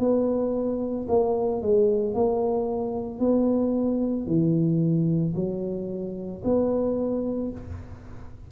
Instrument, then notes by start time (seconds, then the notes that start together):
tuba
0.00 B3
1.09 A#3
1.62 G#3
2.15 A#3
3.20 B3
4.27 E3
5.36 F#3
6.45 B3